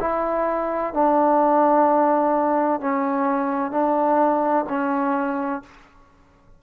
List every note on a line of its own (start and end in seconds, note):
0.00 0.94 E4
0.94 2.80 D4
2.80 3.71 C#4
3.71 4.65 D4
4.69 5.62 C#4